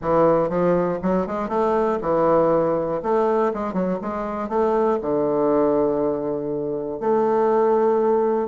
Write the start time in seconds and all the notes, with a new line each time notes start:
0.01 E3
0.49 F3
1.02 F#3
1.26 G#3
1.48 A3
2.01 E3
3.02 A3
3.53 G#3
3.73 F#3
4.01 G#3
4.48 A3
5.01 D3
7.00 A3